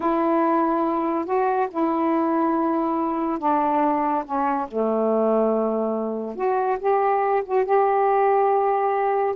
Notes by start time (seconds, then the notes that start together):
0.00 E4
1.25 F#4
1.70 E4
3.38 D4
4.25 C#4
4.68 A3
6.35 F#4
6.79 G4
7.45 F#4
7.65 G4